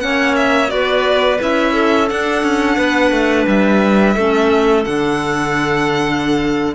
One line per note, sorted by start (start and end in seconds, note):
0.00 0.70 A#3
0.00 0.68 C#4
0.00 0.73 C#5
0.00 0.35 F#5
0.35 0.70 E5
0.68 1.39 B3
0.68 1.37 F#4
0.68 1.73 B4
0.68 1.39 D5
1.40 2.10 C#4
1.40 2.07 E4
1.40 2.08 E5
1.73 2.76 A4
2.07 4.14 D4
2.07 2.42 D4
2.07 3.46 F#5
2.42 2.77 C#4
2.76 3.11 B3
2.76 4.14 B4
3.11 3.46 A3
3.47 4.16 G3
3.47 4.84 E5
4.14 4.85 A3
4.14 4.85 C#4
4.14 6.73 A4
4.84 6.74 D3
4.84 6.74 D4
4.84 6.74 F#5